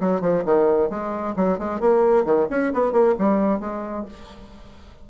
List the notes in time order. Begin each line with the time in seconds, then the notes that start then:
0.00 F#3
0.21 F3
0.45 D#3
0.90 G#3
1.36 F#3
1.58 G#3
1.80 A#3
2.25 D#3
2.50 C#4
2.73 B3
2.92 A#3
3.18 G3
3.60 G#3